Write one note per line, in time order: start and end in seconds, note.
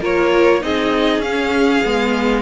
0.00 0.62 A#3
0.00 0.61 F4
0.00 0.61 A#4
0.00 0.63 C#5
0.61 1.18 C4
0.61 1.22 D#4
0.61 2.42 G#4
0.61 1.21 D#5
1.18 1.79 C#4
1.18 1.83 C#4
1.18 2.42 F5
1.84 2.42 G#3
1.84 2.42 B3